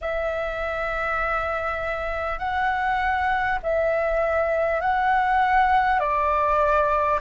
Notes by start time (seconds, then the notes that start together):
0.01 E5
2.38 F#5
3.62 E5
4.80 F#5
5.99 D5